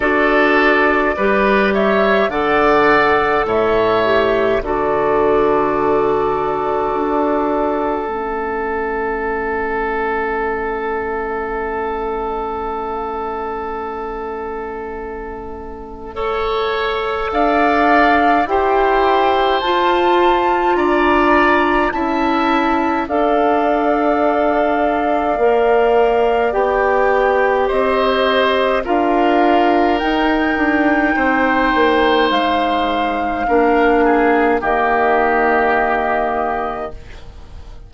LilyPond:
<<
  \new Staff \with { instrumentName = "flute" } { \time 4/4 \tempo 4 = 52 d''4. e''8 fis''4 e''4 | d''2. e''4~ | e''1~ | e''2. f''4 |
g''4 a''4 ais''4 a''4 | f''2. g''4 | dis''4 f''4 g''2 | f''2 dis''2 | }
  \new Staff \with { instrumentName = "oboe" } { \time 4/4 a'4 b'8 cis''8 d''4 cis''4 | a'1~ | a'1~ | a'2 cis''4 d''4 |
c''2 d''4 e''4 | d''1 | c''4 ais'2 c''4~ | c''4 ais'8 gis'8 g'2 | }
  \new Staff \with { instrumentName = "clarinet" } { \time 4/4 fis'4 g'4 a'4. g'8 | fis'2. cis'4~ | cis'1~ | cis'2 a'2 |
g'4 f'2 e'4 | a'2 ais'4 g'4~ | g'4 f'4 dis'2~ | dis'4 d'4 ais2 | }
  \new Staff \with { instrumentName = "bassoon" } { \time 4/4 d'4 g4 d4 a,4 | d2 d'4 a4~ | a1~ | a2. d'4 |
e'4 f'4 d'4 cis'4 | d'2 ais4 b4 | c'4 d'4 dis'8 d'8 c'8 ais8 | gis4 ais4 dis2 | }
>>